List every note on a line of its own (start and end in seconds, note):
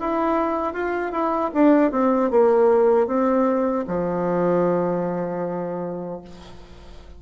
0.00 0.73 E4
0.73 1.12 F4
1.12 1.51 E4
1.54 1.92 D4
1.92 2.31 C4
2.31 3.07 A#3
3.07 3.85 C4
3.87 6.21 F3